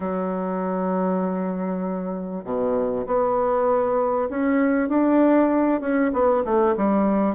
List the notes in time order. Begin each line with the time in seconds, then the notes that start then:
0.00 F#3
2.44 B2
3.06 B3
4.29 C#4
4.88 D4
5.80 C#4
6.13 B3
6.45 A3
6.76 G3